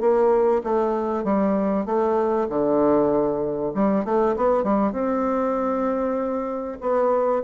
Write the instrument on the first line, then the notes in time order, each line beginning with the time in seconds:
bassoon
0.00 A#3
0.64 A3
1.24 G3
1.86 A3
2.49 D3
3.74 G3
4.04 A3
4.36 B3
4.63 G3
4.92 C4
6.80 B3